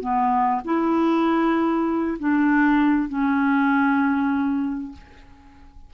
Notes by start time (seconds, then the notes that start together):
0.00 B3
0.64 E4
2.19 D4
3.08 C#4